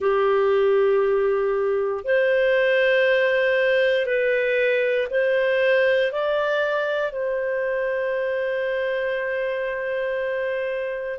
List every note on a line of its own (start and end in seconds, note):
0.00 2.04 G4
2.04 4.05 C5
4.05 5.07 B4
5.10 6.12 C5
6.12 7.11 D5
7.11 11.18 C5